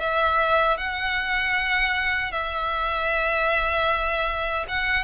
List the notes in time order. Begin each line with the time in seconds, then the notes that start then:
0.00 E5
0.78 F#5
2.32 E5
4.68 F#5